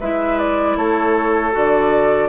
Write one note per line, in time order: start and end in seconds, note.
0.00 0.76 G#3
0.00 1.52 E4
0.00 0.77 B4
0.00 0.38 E5
0.38 0.77 D5
0.76 1.53 A3
0.76 2.29 A4
0.76 1.54 C#5
1.52 2.29 D3
1.52 2.29 F#4
1.52 2.29 D5